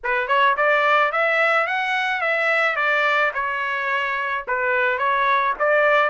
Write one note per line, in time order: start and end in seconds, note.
0.03 0.27 B4
0.27 0.55 C#5
0.57 1.12 D5
1.12 1.67 E5
1.67 2.21 F#5
2.21 2.76 E5
2.76 3.31 D5
3.34 4.45 C#5
4.47 4.98 B4
4.98 5.54 C#5
5.59 6.09 D5